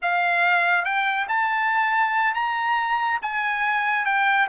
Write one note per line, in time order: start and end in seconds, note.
0.02 0.84 F5
0.84 1.27 G5
1.28 2.34 A5
2.34 3.19 A#5
3.21 4.05 G#5
4.05 4.47 G5